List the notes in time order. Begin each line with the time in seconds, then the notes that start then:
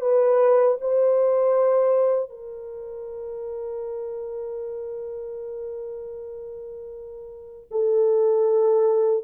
0.00 B4
0.80 C5
2.29 A#4
7.71 A4